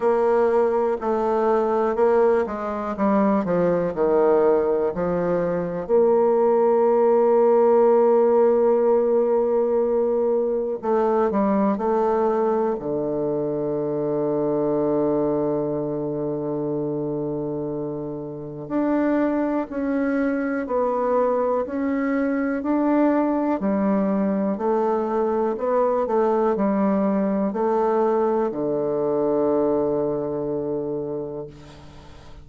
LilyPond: \new Staff \with { instrumentName = "bassoon" } { \time 4/4 \tempo 4 = 61 ais4 a4 ais8 gis8 g8 f8 | dis4 f4 ais2~ | ais2. a8 g8 | a4 d2.~ |
d2. d'4 | cis'4 b4 cis'4 d'4 | g4 a4 b8 a8 g4 | a4 d2. | }